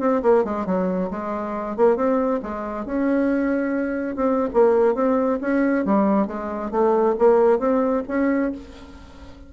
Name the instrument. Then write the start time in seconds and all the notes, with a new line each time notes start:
bassoon
0.00 C4
0.22 A#3
0.44 G#3
0.66 F#3
1.11 G#3
1.76 A#3
1.96 C4
2.43 G#3
2.86 C#4
4.16 C4
4.53 A#3
4.95 C4
5.41 C#4
5.85 G3
6.27 G#3
6.71 A3
7.19 A#3
7.59 C4
8.08 C#4